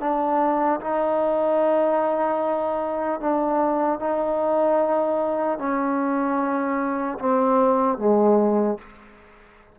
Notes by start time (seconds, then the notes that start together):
0.00 D4
0.80 D#4
3.20 D4
3.99 D#4
5.58 C#4
7.19 C4
7.98 G#3